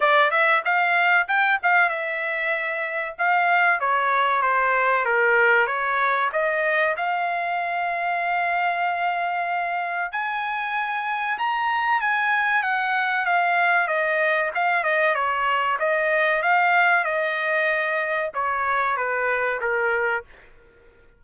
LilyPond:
\new Staff \with { instrumentName = "trumpet" } { \time 4/4 \tempo 4 = 95 d''8 e''8 f''4 g''8 f''8 e''4~ | e''4 f''4 cis''4 c''4 | ais'4 cis''4 dis''4 f''4~ | f''1 |
gis''2 ais''4 gis''4 | fis''4 f''4 dis''4 f''8 dis''8 | cis''4 dis''4 f''4 dis''4~ | dis''4 cis''4 b'4 ais'4 | }